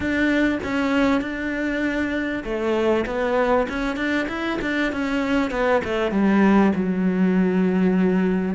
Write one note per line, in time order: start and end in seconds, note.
0.00 0.58 D4
0.63 1.21 C#4
1.21 2.43 D4
2.44 3.05 A3
3.06 3.67 B3
3.68 3.96 C#4
3.96 4.27 D4
4.28 4.59 E4
4.61 4.92 D4
4.92 5.50 C#4
5.50 5.81 B3
5.84 6.11 A3
6.11 6.72 G3
6.75 8.55 F#3